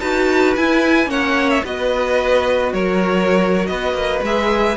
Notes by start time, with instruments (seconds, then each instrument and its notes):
0.00 cello D#4, viola F#4, violin B4 A5
0.56 cello E4, viola E4, violin G#5
1.07 cello A#3, viola C#4, violin C#5 F#5
1.50 violin E5
1.64 cello B3, viola F#4, violin B4 D#5
2.73 cello F#3, violin A#4 C#5
3.67 cello B3, violin B4 D#5
3.94 cello A#3
4.22 cello G#3, viola G#4, violin E5